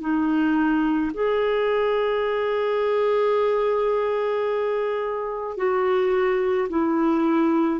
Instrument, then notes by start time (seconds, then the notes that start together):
clarinet
0.00 D#4
1.14 G#4
5.57 F#4
6.69 E4